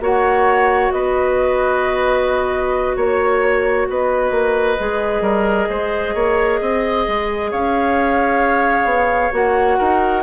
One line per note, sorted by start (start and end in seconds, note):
0.00 0.91 A#3
0.00 4.78 F#4
0.00 0.93 C#5
0.00 0.91 F#5
0.91 2.96 B3
0.91 2.96 B4
0.91 2.96 D#5
2.96 3.87 A#3
2.96 3.87 C#5
3.87 4.31 B3
3.87 5.23 B4
3.87 7.51 D#5
4.31 4.76 A#3
4.79 5.21 G#3
4.79 9.32 G#4
5.21 5.66 G3
5.21 5.68 A#4
5.69 6.14 G#3
5.69 6.15 C5
6.14 6.60 A#3
6.14 6.60 C#5
6.60 7.06 C4
6.60 7.51 D#5
7.08 7.52 G#3
7.51 8.84 C#4
7.51 9.78 C#5
7.51 9.33 F5
8.84 9.30 B3
9.32 9.78 A#3
9.32 10.23 F#4
9.32 10.23 F#5
9.78 10.23 D#4
9.78 10.23 A#4